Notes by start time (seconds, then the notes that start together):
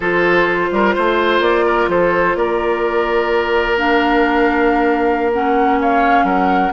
0.00 F3 F4 A4 C5
0.71 G3 A#4
0.94 A3 C5
1.40 A#3 D5
1.65 A#4
1.87 F3 A4 C5
2.35 A#3 A#4 D5
3.77 D4 F5
5.32 C#4 F#5
5.80 C#5 F5
6.23 F#3 A#4 F#5